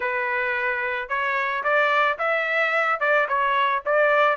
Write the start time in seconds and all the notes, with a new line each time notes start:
0.00 B4
1.08 C#5
1.63 D5
2.18 E5
3.00 D5
3.28 C#5
3.85 D5